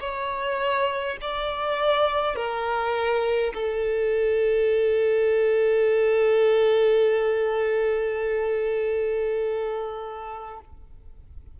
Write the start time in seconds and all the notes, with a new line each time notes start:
0.00 C#5
1.21 D5
2.35 A#4
3.53 A4